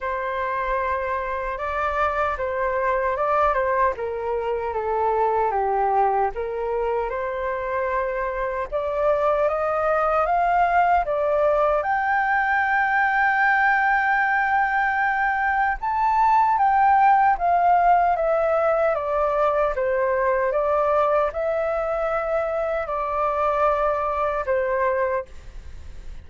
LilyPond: \new Staff \with { instrumentName = "flute" } { \time 4/4 \tempo 4 = 76 c''2 d''4 c''4 | d''8 c''8 ais'4 a'4 g'4 | ais'4 c''2 d''4 | dis''4 f''4 d''4 g''4~ |
g''1 | a''4 g''4 f''4 e''4 | d''4 c''4 d''4 e''4~ | e''4 d''2 c''4 | }